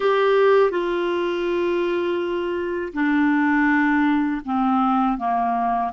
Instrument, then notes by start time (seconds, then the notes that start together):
clarinet
0.00 G4
0.70 F4
2.93 D4
4.44 C4
5.18 A#3